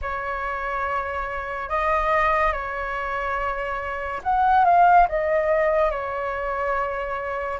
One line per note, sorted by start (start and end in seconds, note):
0.01 1.69 C#5
1.69 2.52 D#5
2.52 4.21 C#5
4.23 4.64 F#5
4.64 5.07 F5
5.08 5.90 D#5
5.90 7.59 C#5